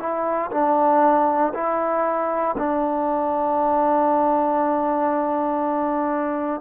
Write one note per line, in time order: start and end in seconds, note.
0.00 0.51 E4
0.51 1.53 D4
1.54 2.56 E4
2.58 6.61 D4